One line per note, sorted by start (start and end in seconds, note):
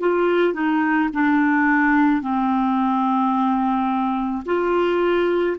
0.00 0.54 F4
0.54 1.09 D#4
1.13 2.22 D4
2.22 4.44 C4
4.45 5.57 F4